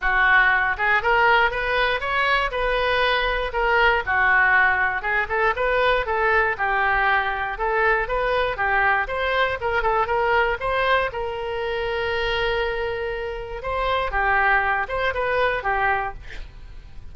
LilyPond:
\new Staff \with { instrumentName = "oboe" } { \time 4/4 \tempo 4 = 119 fis'4. gis'8 ais'4 b'4 | cis''4 b'2 ais'4 | fis'2 gis'8 a'8 b'4 | a'4 g'2 a'4 |
b'4 g'4 c''4 ais'8 a'8 | ais'4 c''4 ais'2~ | ais'2. c''4 | g'4. c''8 b'4 g'4 | }